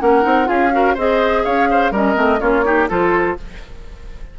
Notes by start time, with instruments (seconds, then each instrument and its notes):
0.00 bassoon A#3, clarinet C#4, oboe A#4, flute F#5
0.22 bassoon C4, clarinet D#4
0.45 bassoon C#4, clarinet F4, oboe G#4, flute F5
0.72 clarinet F#4, oboe A#4
0.94 bassoon C4, clarinet G#4, oboe C5, flute D#5
1.45 bassoon C#4, oboe C#5, flute F5
1.71 oboe C5
1.92 bassoon G3, clarinet C#4, oboe A#4, flute D#5
2.15 bassoon A3, clarinet C4
2.40 bassoon A#3, clarinet C#4, oboe F4, flute C#5
2.64 clarinet D#4, oboe G4
2.89 bassoon F3, clarinet F4, oboe A4, flute C5